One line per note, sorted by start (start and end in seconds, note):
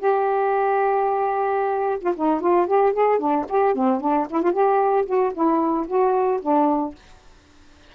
0.00 1.99 G4
2.01 2.14 F4
2.16 2.41 D#4
2.41 2.67 F4
2.67 2.93 G4
2.93 3.19 G#4
3.19 3.46 D4
3.49 3.75 G4
3.75 4.01 C4
4.01 4.27 D4
4.31 4.43 E4
4.43 4.53 F4
4.53 5.06 G4
5.06 5.33 F#4
5.34 5.87 E4
5.88 6.41 F#4
6.42 6.95 D4